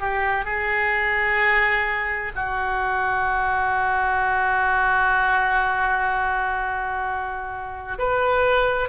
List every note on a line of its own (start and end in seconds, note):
0.00 0.44 G4
0.44 2.32 G#4
2.35 7.98 F#4
7.98 8.88 B4